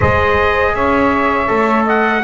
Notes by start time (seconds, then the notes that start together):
0.00 G#3 G#4 C5 D#5
0.74 C#4 C#5 E5
1.47 A3 A4
1.85 D#5 F#5